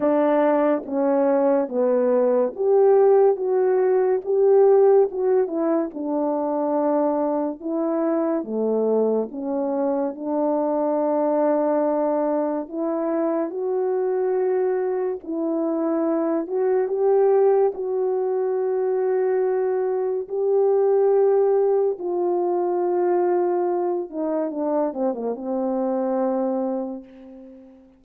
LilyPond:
\new Staff \with { instrumentName = "horn" } { \time 4/4 \tempo 4 = 71 d'4 cis'4 b4 g'4 | fis'4 g'4 fis'8 e'8 d'4~ | d'4 e'4 a4 cis'4 | d'2. e'4 |
fis'2 e'4. fis'8 | g'4 fis'2. | g'2 f'2~ | f'8 dis'8 d'8 c'16 ais16 c'2 | }